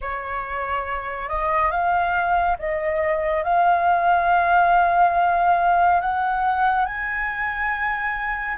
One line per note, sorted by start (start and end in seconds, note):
0.01 1.28 C#5
1.28 1.71 D#5
1.71 2.56 F5
2.58 3.43 D#5
3.43 6.00 F5
6.00 6.85 F#5
6.85 8.57 G#5